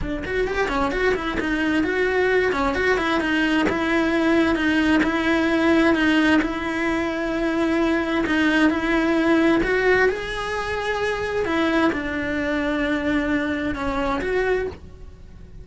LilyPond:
\new Staff \with { instrumentName = "cello" } { \time 4/4 \tempo 4 = 131 d'8 fis'8 g'8 cis'8 fis'8 e'8 dis'4 | fis'4. cis'8 fis'8 e'8 dis'4 | e'2 dis'4 e'4~ | e'4 dis'4 e'2~ |
e'2 dis'4 e'4~ | e'4 fis'4 gis'2~ | gis'4 e'4 d'2~ | d'2 cis'4 fis'4 | }